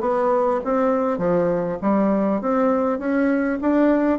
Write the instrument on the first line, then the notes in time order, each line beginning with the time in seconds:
bassoon
0.00 B3
0.64 C4
1.18 F3
1.81 G3
2.41 C4
2.98 C#4
3.61 D4